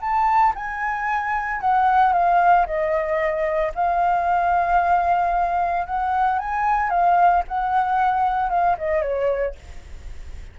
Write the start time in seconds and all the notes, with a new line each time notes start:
0.00 A5
0.55 G#5
1.61 F#5
2.12 F5
2.66 D#5
3.75 F5
5.86 F#5
6.39 G#5
6.90 F5
7.47 F#5
8.50 F5
8.78 D#5
9.01 C#5